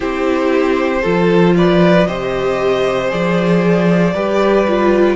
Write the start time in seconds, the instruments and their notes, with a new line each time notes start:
0.00 cello C4, viola E4, violin G4 C5
1.02 cello F3, viola F4, violin A4
1.56 violin B4 D5
2.07 cello C3, viola G4, violin C5 D#5
3.09 cello F3, viola G#4, violin D5
4.13 cello G3, viola G4, violin B4
4.67 viola F4